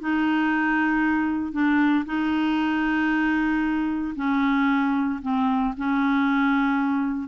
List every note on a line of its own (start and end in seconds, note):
0.00 1.52 D#4
1.52 2.05 D4
2.06 4.14 D#4
4.15 5.20 C#4
5.22 5.74 C4
5.77 7.28 C#4